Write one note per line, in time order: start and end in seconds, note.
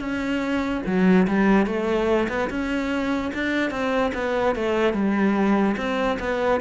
0.00 0.82 C#4
0.86 1.27 F#3
1.28 1.67 G3
1.67 2.28 A3
2.29 2.49 B3
2.50 3.32 C#4
3.34 3.71 D4
3.71 4.12 C4
4.14 4.55 B3
4.55 4.94 A3
4.94 5.76 G3
5.77 6.18 C4
6.19 6.61 B3